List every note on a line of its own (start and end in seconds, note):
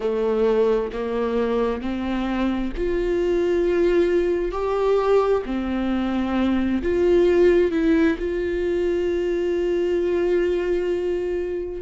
0.00 0.90 A3
0.92 1.81 A#3
1.81 2.72 C4
2.76 4.51 F4
4.51 5.42 G4
5.45 6.81 C4
6.82 7.71 F4
7.71 8.16 E4
8.18 11.81 F4